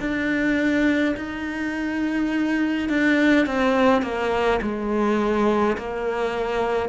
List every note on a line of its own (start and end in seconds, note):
0.00 1.15 D4
1.17 2.90 D#4
2.90 3.46 D4
3.46 4.03 C4
4.03 4.60 A#3
4.62 5.77 G#3
5.77 6.89 A#3